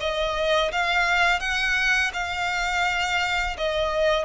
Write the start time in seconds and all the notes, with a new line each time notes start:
0.00 D#5
0.72 F5
1.40 F#5
2.14 F5
3.57 D#5